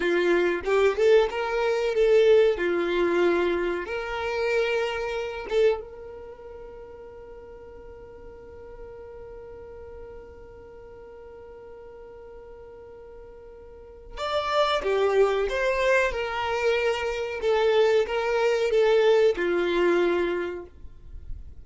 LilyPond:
\new Staff \with { instrumentName = "violin" } { \time 4/4 \tempo 4 = 93 f'4 g'8 a'8 ais'4 a'4 | f'2 ais'2~ | ais'8 a'8 ais'2.~ | ais'1~ |
ais'1~ | ais'2 d''4 g'4 | c''4 ais'2 a'4 | ais'4 a'4 f'2 | }